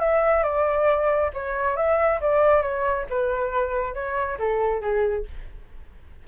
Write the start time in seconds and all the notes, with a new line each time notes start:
0.00 E5
0.44 D5
1.34 C#5
1.77 E5
2.21 D5
2.63 C#5
3.10 B4
3.95 C#5
4.40 A4
4.82 G#4